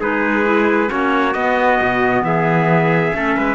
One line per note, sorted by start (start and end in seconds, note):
0.00 0.90 G#3
0.00 0.44 D#4
0.00 0.90 G#4
0.00 0.91 B4
0.44 0.88 E4
0.88 1.35 A#3
0.88 1.33 C#4
0.88 2.24 F#4
0.88 1.33 C#5
1.33 1.80 B3
1.33 3.14 B3
1.33 2.23 D#5
1.82 2.22 B2
2.22 3.12 E3
2.22 3.17 G#4
2.22 3.55 E5
3.14 3.37 A3
3.14 3.55 C#4
3.14 3.37 A4
3.37 3.55 G#3
3.37 3.55 B4